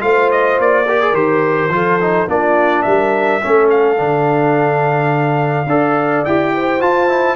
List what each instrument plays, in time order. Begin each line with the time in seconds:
0.00 tuba A3, trombone F4, horn C5, trumpet F5
0.31 trumpet D#5
0.59 tuba A#3, trumpet D5
0.88 trombone G4, horn A#4
1.01 trombone G#4
1.13 tuba D#3, trombone G4, trumpet C5
1.68 tuba F3, trombone F4, horn A4
2.00 trombone D#4
2.27 tuba A#3, trombone D4, horn F4, trumpet D5
2.82 tuba G3, horn A#4, trumpet E5
3.41 tuba A3, trombone C#4, horn A4
3.70 trumpet F5
3.97 tuba D3, trombone D4
5.66 tuba D4, trombone A4, horn D5
6.25 tuba E4, trombone G4, trumpet G5
6.54 horn C5
6.80 trombone F4, tuba F4, trumpet A5
7.08 trombone E4